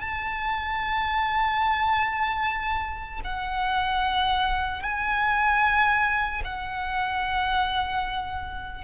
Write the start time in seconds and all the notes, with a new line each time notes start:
0.00 A5
3.24 F#5
4.82 G#5
6.44 F#5